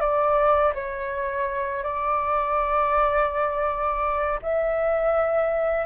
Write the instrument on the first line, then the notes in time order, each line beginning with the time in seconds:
flute
0.00 D5
0.75 C#5
1.83 D5
4.42 E5